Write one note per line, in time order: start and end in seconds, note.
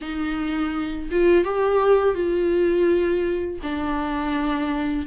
0.01 1.09 D#4
1.11 1.44 F4
1.44 2.14 G4
2.14 3.59 F4
3.62 5.06 D4